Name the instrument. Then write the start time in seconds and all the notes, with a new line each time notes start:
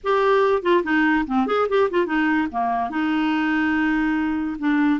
clarinet
0.03 G4
0.62 F4
0.83 D#4
1.26 C4
1.46 G#4
1.68 G4
1.90 F4
2.05 D#4
2.51 A#3
2.90 D#4
4.59 D4